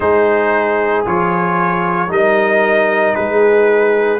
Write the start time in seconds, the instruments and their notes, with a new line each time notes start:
0.00 tuba G#3, trombone D#4, horn G#4, trumpet C5
1.05 tuba F3, trombone F4, trumpet C#5
2.08 tuba G3, trombone D#4, horn A#4, trumpet D#5
3.14 tuba G#3, horn G#4, trumpet B4